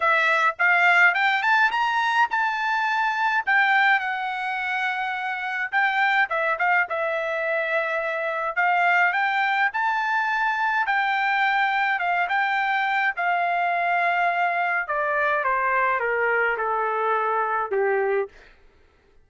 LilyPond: \new Staff \with { instrumentName = "trumpet" } { \time 4/4 \tempo 4 = 105 e''4 f''4 g''8 a''8 ais''4 | a''2 g''4 fis''4~ | fis''2 g''4 e''8 f''8 | e''2. f''4 |
g''4 a''2 g''4~ | g''4 f''8 g''4. f''4~ | f''2 d''4 c''4 | ais'4 a'2 g'4 | }